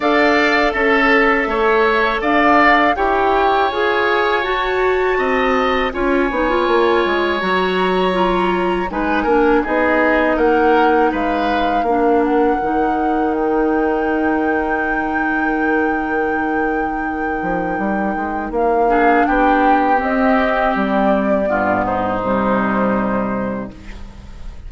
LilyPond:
<<
  \new Staff \with { instrumentName = "flute" } { \time 4/4 \tempo 4 = 81 f''4 e''2 f''4 | g''4 gis''4 a''2 | gis''2 ais''2 | gis''4 dis''4 fis''4 f''4~ |
f''8 fis''4. g''2~ | g''1~ | g''4 f''4 g''4 dis''4 | d''4. c''2~ c''8 | }
  \new Staff \with { instrumentName = "oboe" } { \time 4/4 d''4 a'4 cis''4 d''4 | cis''2. dis''4 | cis''1 | b'8 ais'8 gis'4 ais'4 b'4 |
ais'1~ | ais'1~ | ais'4. gis'8 g'2~ | g'4 f'8 dis'2~ dis'8 | }
  \new Staff \with { instrumentName = "clarinet" } { \time 4/4 a'1 | g'4 gis'4 fis'2 | f'8 dis'16 f'4~ f'16 fis'4 f'4 | dis'8 d'8 dis'2. |
d'4 dis'2.~ | dis'1~ | dis'4. d'4. c'4~ | c'4 b4 g2 | }
  \new Staff \with { instrumentName = "bassoon" } { \time 4/4 d'4 cis'4 a4 d'4 | e'4 f'4 fis'4 c'4 | cis'8 b8 ais8 gis8 fis2 | gis8 ais8 b4 ais4 gis4 |
ais4 dis2.~ | dis2.~ dis8 f8 | g8 gis8 ais4 b4 c'4 | g4 g,4 c2 | }
>>